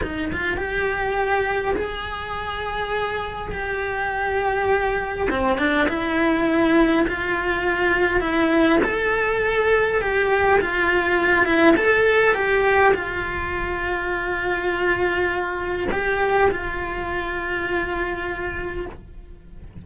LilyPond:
\new Staff \with { instrumentName = "cello" } { \time 4/4 \tempo 4 = 102 dis'8 f'8 g'2 gis'4~ | gis'2 g'2~ | g'4 c'8 d'8 e'2 | f'2 e'4 a'4~ |
a'4 g'4 f'4. e'8 | a'4 g'4 f'2~ | f'2. g'4 | f'1 | }